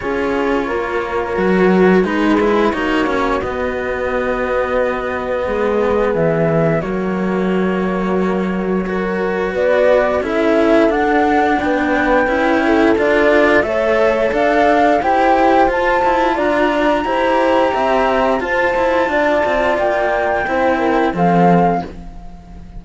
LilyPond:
<<
  \new Staff \with { instrumentName = "flute" } { \time 4/4 \tempo 4 = 88 cis''2. b'4 | cis''4 dis''2.~ | dis''4 e''4 cis''2~ | cis''2 d''4 e''4 |
fis''4 g''2 d''4 | e''4 f''4 g''4 a''4 | ais''2. a''4~ | a''4 g''2 f''4 | }
  \new Staff \with { instrumentName = "horn" } { \time 4/4 gis'4 ais'2 gis'4 | fis'1 | gis'2 fis'2~ | fis'4 ais'4 b'4 a'4~ |
a'4 b'4. a'4. | cis''4 d''4 c''2 | d''4 c''4 e''4 c''4 | d''2 c''8 ais'8 a'4 | }
  \new Staff \with { instrumentName = "cello" } { \time 4/4 f'2 fis'4 dis'8 e'8 | dis'8 cis'8 b2.~ | b2 ais2~ | ais4 fis'2 e'4 |
d'2 e'4 f'4 | a'2 g'4 f'4~ | f'4 g'2 f'4~ | f'2 e'4 c'4 | }
  \new Staff \with { instrumentName = "cello" } { \time 4/4 cis'4 ais4 fis4 gis4 | ais4 b2. | gis4 e4 fis2~ | fis2 b4 cis'4 |
d'4 b4 cis'4 d'4 | a4 d'4 e'4 f'8 e'8 | d'4 e'4 c'4 f'8 e'8 | d'8 c'8 ais4 c'4 f4 | }
>>